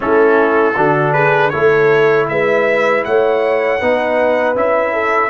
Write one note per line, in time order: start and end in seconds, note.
0.00 0.76 A3
0.00 0.74 C#4
0.00 0.75 E4
0.00 1.13 A4
0.75 1.52 D3
0.75 1.52 D4
0.75 1.13 F#4
1.13 1.51 G#4
1.13 1.49 B4
1.49 2.28 A3
1.49 3.80 E4
1.49 2.29 A4
1.49 2.25 C#5
2.28 3.04 G#3
2.28 3.06 B4
2.28 3.04 E5
3.04 3.81 A3
3.04 3.79 C#5
3.04 4.56 F#5
3.79 4.55 B3
3.79 4.55 D#4
3.79 4.93 B4
4.55 5.30 C#4
4.55 5.30 E4
4.55 5.30 E5
4.93 5.30 A4